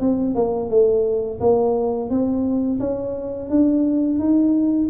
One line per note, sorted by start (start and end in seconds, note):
0.00 0.35 C4
0.35 0.69 A#3
0.70 1.40 A3
1.40 2.10 A#3
2.10 2.79 C4
2.80 3.49 C#4
3.49 4.19 D4
4.19 4.89 D#4